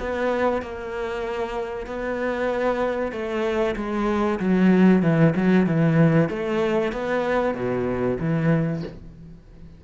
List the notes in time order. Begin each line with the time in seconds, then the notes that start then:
0.00 B3
0.62 A#3
1.87 B3
3.12 A3
3.76 G#3
4.40 F#3
5.03 E3
5.36 F#3
5.67 E3
6.30 A3
6.93 B3
7.55 B2
8.20 E3